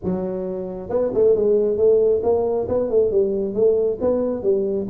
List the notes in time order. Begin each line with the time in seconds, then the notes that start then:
0.04 F#3
0.89 B3
1.14 A3
1.35 G#3
1.77 A3
2.23 A#3
2.68 B3
2.90 A3
3.11 G3
3.54 A3
4.00 B3
4.42 G3